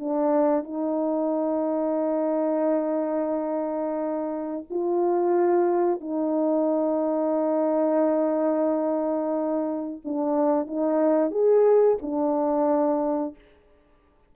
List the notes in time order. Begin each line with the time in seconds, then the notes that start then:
0.00 D4
0.64 D#4
4.71 F4
6.01 D#4
10.05 D4
10.67 D#4
11.32 G#4
12.02 D4